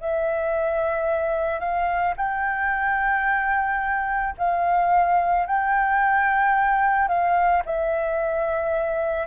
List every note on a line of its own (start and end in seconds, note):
0.00 1.59 E5
1.59 2.14 F5
2.16 4.34 G5
4.37 5.45 F5
5.45 7.08 G5
7.08 7.62 F5
7.65 9.27 E5